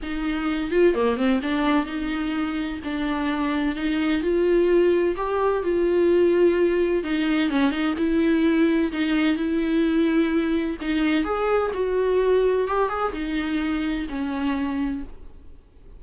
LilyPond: \new Staff \with { instrumentName = "viola" } { \time 4/4 \tempo 4 = 128 dis'4. f'8 ais8 c'8 d'4 | dis'2 d'2 | dis'4 f'2 g'4 | f'2. dis'4 |
cis'8 dis'8 e'2 dis'4 | e'2. dis'4 | gis'4 fis'2 g'8 gis'8 | dis'2 cis'2 | }